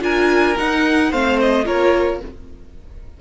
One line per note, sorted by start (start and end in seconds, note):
0.00 0.56 D4
0.00 0.55 F4
0.00 1.10 A#4
0.00 0.57 G#5
0.56 1.11 D#4
0.56 1.12 D#4
0.56 1.12 F#5
1.10 1.66 A3
1.10 1.65 C4
1.10 1.64 C5
1.10 1.39 F5
1.40 1.66 D#5
1.65 2.20 A#3
1.65 2.19 F4
1.65 2.20 A#4
1.65 2.21 C#5